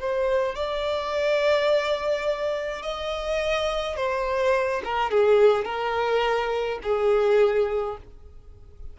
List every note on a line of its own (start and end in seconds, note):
0.00 0.56 C5
0.56 2.83 D5
2.83 3.97 D#5
3.97 4.83 C5
4.85 5.11 A#4
5.11 5.65 G#4
5.65 6.79 A#4
6.83 7.97 G#4